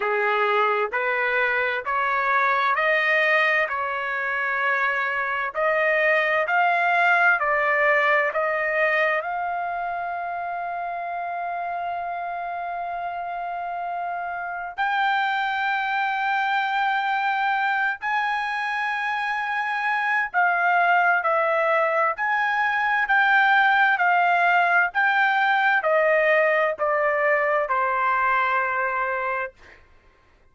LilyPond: \new Staff \with { instrumentName = "trumpet" } { \time 4/4 \tempo 4 = 65 gis'4 b'4 cis''4 dis''4 | cis''2 dis''4 f''4 | d''4 dis''4 f''2~ | f''1 |
g''2.~ g''8 gis''8~ | gis''2 f''4 e''4 | gis''4 g''4 f''4 g''4 | dis''4 d''4 c''2 | }